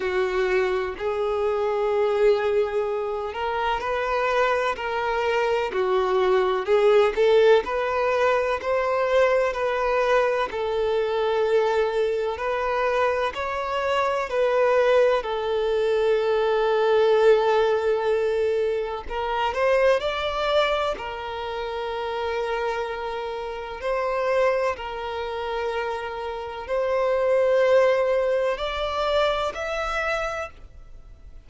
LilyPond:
\new Staff \with { instrumentName = "violin" } { \time 4/4 \tempo 4 = 63 fis'4 gis'2~ gis'8 ais'8 | b'4 ais'4 fis'4 gis'8 a'8 | b'4 c''4 b'4 a'4~ | a'4 b'4 cis''4 b'4 |
a'1 | ais'8 c''8 d''4 ais'2~ | ais'4 c''4 ais'2 | c''2 d''4 e''4 | }